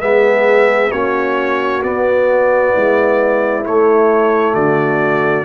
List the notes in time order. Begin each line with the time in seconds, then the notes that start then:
0.00 G#3 B3 G#4 E5
0.91 A#3 C#4 F#4 C#5
1.82 B3 D5
2.73 G#3 E4
3.65 A3 C#5
4.53 D3 F#4 D5